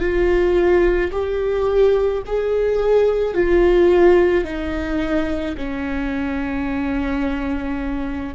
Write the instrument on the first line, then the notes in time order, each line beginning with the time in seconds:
viola
0.00 F4
1.12 G4
2.26 G#4
3.34 F4
4.44 D#4
5.57 C#4